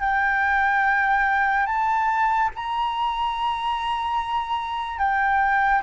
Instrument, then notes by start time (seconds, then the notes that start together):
flute
0.00 G5
1.66 A5
2.55 A#5
4.98 G5